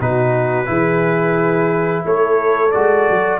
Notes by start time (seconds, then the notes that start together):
0.00 B2 D#4 F#4 B4
0.66 E3 E4 G#4
2.06 A3 A4 C#5
2.71 G#3 F#4 D5
3.10 F#3